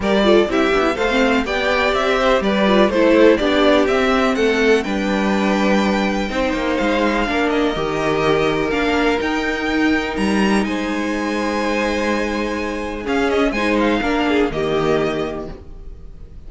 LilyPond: <<
  \new Staff \with { instrumentName = "violin" } { \time 4/4 \tempo 4 = 124 d''4 e''4 f''4 g''4 | e''4 d''4 c''4 d''4 | e''4 fis''4 g''2~ | g''2 f''4. dis''8~ |
dis''2 f''4 g''4~ | g''4 ais''4 gis''2~ | gis''2. f''8 dis''8 | gis''8 f''4. dis''2 | }
  \new Staff \with { instrumentName = "violin" } { \time 4/4 ais'8 a'8 g'4 c''4 d''4~ | d''8 c''8 b'4 a'4 g'4~ | g'4 a'4 b'2~ | b'4 c''2 ais'4~ |
ais'1~ | ais'2 c''2~ | c''2. gis'4 | c''4 ais'8 gis'8 g'2 | }
  \new Staff \with { instrumentName = "viola" } { \time 4/4 g'8 f'8 e'8 d'16 e'16 a'16 c'8. g'4~ | g'4. f'8 e'4 d'4 | c'2 d'2~ | d'4 dis'2 d'4 |
g'2 d'4 dis'4~ | dis'1~ | dis'2. cis'4 | dis'4 d'4 ais2 | }
  \new Staff \with { instrumentName = "cello" } { \time 4/4 g4 c'8 b8 a4 b4 | c'4 g4 a4 b4 | c'4 a4 g2~ | g4 c'8 ais8 gis4 ais4 |
dis2 ais4 dis'4~ | dis'4 g4 gis2~ | gis2. cis'4 | gis4 ais4 dis2 | }
>>